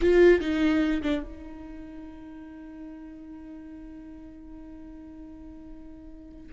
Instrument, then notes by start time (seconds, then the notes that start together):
viola
0.01 F4
0.40 D#4
1.02 D4
1.22 D#4